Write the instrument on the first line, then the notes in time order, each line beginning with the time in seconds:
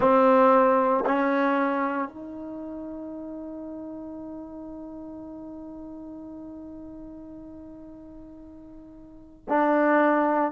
trombone
0.00 C4
1.05 C#4
2.08 D#4
9.48 D4